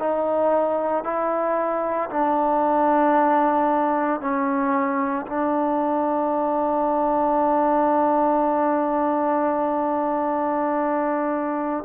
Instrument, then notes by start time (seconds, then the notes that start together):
trombone
0.00 D#4
1.04 E4
2.11 D4
4.21 C#4
5.27 D4